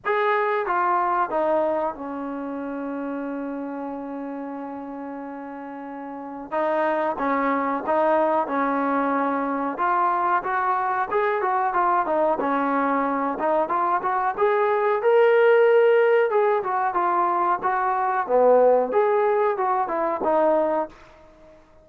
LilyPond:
\new Staff \with { instrumentName = "trombone" } { \time 4/4 \tempo 4 = 92 gis'4 f'4 dis'4 cis'4~ | cis'1~ | cis'2 dis'4 cis'4 | dis'4 cis'2 f'4 |
fis'4 gis'8 fis'8 f'8 dis'8 cis'4~ | cis'8 dis'8 f'8 fis'8 gis'4 ais'4~ | ais'4 gis'8 fis'8 f'4 fis'4 | b4 gis'4 fis'8 e'8 dis'4 | }